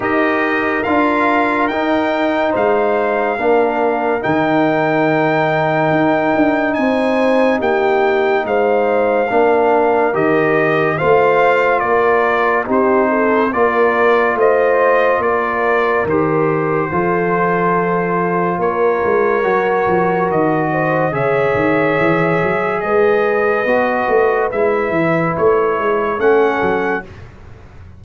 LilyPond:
<<
  \new Staff \with { instrumentName = "trumpet" } { \time 4/4 \tempo 4 = 71 dis''4 f''4 g''4 f''4~ | f''4 g''2. | gis''4 g''4 f''2 | dis''4 f''4 d''4 c''4 |
d''4 dis''4 d''4 c''4~ | c''2 cis''2 | dis''4 e''2 dis''4~ | dis''4 e''4 cis''4 fis''4 | }
  \new Staff \with { instrumentName = "horn" } { \time 4/4 ais'2. c''4 | ais'1 | c''4 g'4 c''4 ais'4~ | ais'4 c''4 ais'4 g'8 a'8 |
ais'4 c''4 ais'2 | a'2 ais'2~ | ais'8 c''8 cis''2 b'4~ | b'2. a'4 | }
  \new Staff \with { instrumentName = "trombone" } { \time 4/4 g'4 f'4 dis'2 | d'4 dis'2.~ | dis'2. d'4 | g'4 f'2 dis'4 |
f'2. g'4 | f'2. fis'4~ | fis'4 gis'2. | fis'4 e'2 cis'4 | }
  \new Staff \with { instrumentName = "tuba" } { \time 4/4 dis'4 d'4 dis'4 gis4 | ais4 dis2 dis'8 d'8 | c'4 ais4 gis4 ais4 | dis4 a4 ais4 c'4 |
ais4 a4 ais4 dis4 | f2 ais8 gis8 fis8 f8 | dis4 cis8 dis8 e8 fis8 gis4 | b8 a8 gis8 e8 a8 gis8 a8 fis8 | }
>>